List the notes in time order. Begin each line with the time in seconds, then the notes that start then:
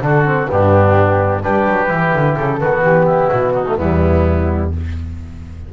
0.00 D3 D4 F#4 A4
0.25 C4
0.46 G2 B3 D4 G4
1.42 G3 D4 G4 B4
1.68 F#3
1.87 E3 E4
2.13 D3
2.35 C#3 A4
2.59 D#3 B3 F#4
2.81 E3 G4
3.05 E4
3.29 B2 F#4
3.54 D#4
3.67 A3
3.76 E2 G3 B3 E4